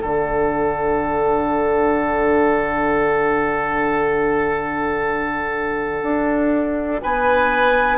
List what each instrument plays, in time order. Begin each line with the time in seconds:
0.00 bassoon D3, clarinet D4, oboe A4, flute F#5
6.03 bassoon D4
7.02 bassoon B3, oboe B4, flute G#5